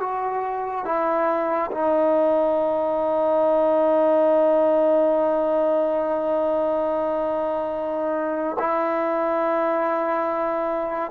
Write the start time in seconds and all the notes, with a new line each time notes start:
0.00 F#4
0.85 E4
1.72 D#4
8.59 E4